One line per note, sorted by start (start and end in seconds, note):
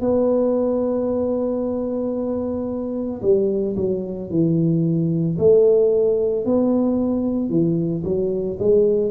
0.00 3.21 B3
3.22 3.75 G3
3.76 4.30 F#3
4.30 5.37 E3
5.38 6.45 A3
6.45 7.50 B3
7.50 8.03 E3
8.04 8.58 F#3
8.59 9.10 G#3